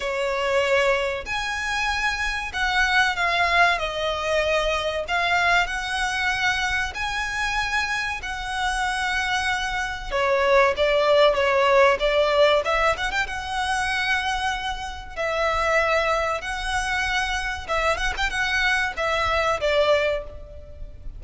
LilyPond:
\new Staff \with { instrumentName = "violin" } { \time 4/4 \tempo 4 = 95 cis''2 gis''2 | fis''4 f''4 dis''2 | f''4 fis''2 gis''4~ | gis''4 fis''2. |
cis''4 d''4 cis''4 d''4 | e''8 fis''16 g''16 fis''2. | e''2 fis''2 | e''8 fis''16 g''16 fis''4 e''4 d''4 | }